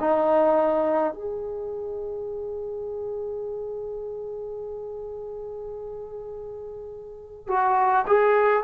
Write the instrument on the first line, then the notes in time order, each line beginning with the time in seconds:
trombone
0.00 D#4
1.13 G#4
7.48 F#4
8.07 G#4